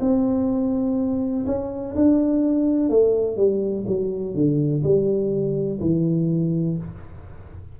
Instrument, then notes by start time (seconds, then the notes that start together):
tuba
0.00 C4
1.46 C#4
1.95 D4
2.89 A3
3.37 G3
3.87 F#3
4.34 D3
4.83 G3
5.80 E3